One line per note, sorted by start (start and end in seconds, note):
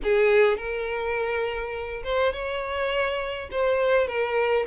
0.03 0.57 G#4
0.57 2.03 A#4
2.03 2.32 C5
2.32 3.49 C#5
3.51 4.07 C5
4.07 4.65 A#4